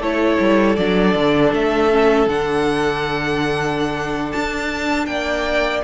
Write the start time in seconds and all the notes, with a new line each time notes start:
0.00 A3 E4 A4 C#5
0.40 G3
0.76 F#3 D4 D5
1.15 D3
1.53 A3 E5
1.90 C#4
2.27 D3 D4 F#5
4.32 D4 A5
5.06 A#3 D5 G5